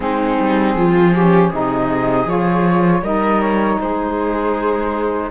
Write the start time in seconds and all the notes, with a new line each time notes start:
0.00 G#3 C4 D#4 G#4
0.39 G3
0.74 F3 F4
1.14 C#4 G4
1.50 C3 D#4 G#4 D#5
2.26 F3 F4 C#5
3.01 G3 D#4 A#4 D#5
3.41 C#5
3.80 G#3 G#4 C5